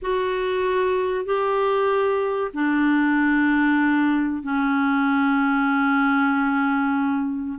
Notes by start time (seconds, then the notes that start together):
0.01 F#4
1.25 G4
2.53 D4
4.42 C#4